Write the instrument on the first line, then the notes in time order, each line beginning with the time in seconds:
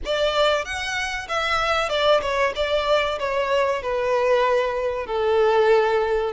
violin
0.05 D5
0.64 F#5
1.28 E5
1.89 D5
2.21 C#5
2.56 D5
3.19 C#5
3.82 B4
5.06 A4